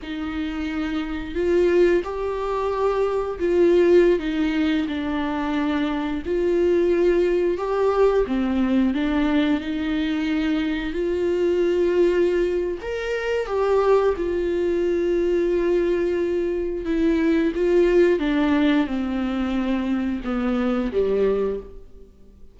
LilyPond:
\new Staff \with { instrumentName = "viola" } { \time 4/4 \tempo 4 = 89 dis'2 f'4 g'4~ | g'4 f'4~ f'16 dis'4 d'8.~ | d'4~ d'16 f'2 g'8.~ | g'16 c'4 d'4 dis'4.~ dis'16~ |
dis'16 f'2~ f'8. ais'4 | g'4 f'2.~ | f'4 e'4 f'4 d'4 | c'2 b4 g4 | }